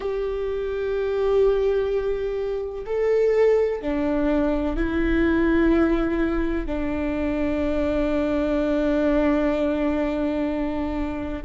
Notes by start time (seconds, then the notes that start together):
0.00 G4
2.86 A4
3.81 D4
4.76 E4
6.66 D4